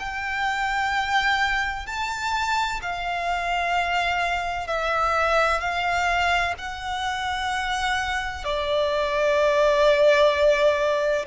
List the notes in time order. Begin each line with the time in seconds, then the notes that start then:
0.00 G5
1.87 A5
2.83 F5
4.67 E5
5.61 F5
6.58 F#5
8.45 D5